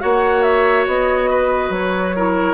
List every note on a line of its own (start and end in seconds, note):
0.00 0.87 A#3
0.00 2.14 F#4
0.00 1.30 C#5
0.00 0.42 F#5
0.42 0.85 E5
0.87 1.69 B3
0.87 1.73 D#5
1.30 2.15 B4
1.69 2.54 F#3
1.69 2.54 C#5
2.15 2.54 E4
2.15 2.54 A#4